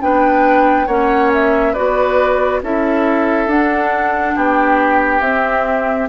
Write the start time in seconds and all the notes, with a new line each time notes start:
0.00 B3 D4 B4 G5
0.86 A#3 C#4 C#5 F#5
1.34 E5
1.73 B3 F#4 B4 D5
2.62 C#4 E4 A4 E5
3.47 D4 F#5
4.35 B3 G4 G5
5.21 C4 E5